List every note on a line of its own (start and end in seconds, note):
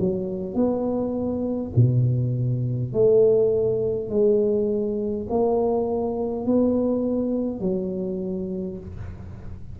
0.00 0.55 F#3
0.55 1.72 B3
1.76 2.93 B2
2.93 4.10 A3
4.10 5.27 G#3
5.30 6.45 A#3
6.45 7.60 B3
7.60 8.78 F#3